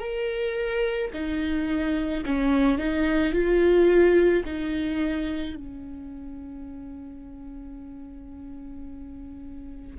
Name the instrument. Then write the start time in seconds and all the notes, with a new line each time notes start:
viola
0.00 A#4
1.14 D#4
2.25 C#4
2.78 D#4
3.33 F4
4.45 D#4
5.56 C#4